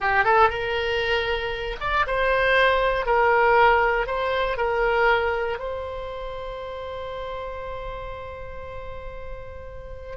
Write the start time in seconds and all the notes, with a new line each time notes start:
0.00 G4
0.24 A4
0.49 A#4
1.80 D5
2.06 C5
3.06 A#4
4.07 C5
4.57 A#4
5.59 C5